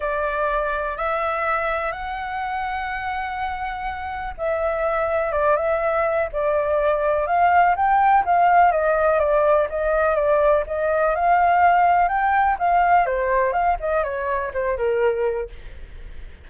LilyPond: \new Staff \with { instrumentName = "flute" } { \time 4/4 \tempo 4 = 124 d''2 e''2 | fis''1~ | fis''4 e''2 d''8 e''8~ | e''4 d''2 f''4 |
g''4 f''4 dis''4 d''4 | dis''4 d''4 dis''4 f''4~ | f''4 g''4 f''4 c''4 | f''8 dis''8 cis''4 c''8 ais'4. | }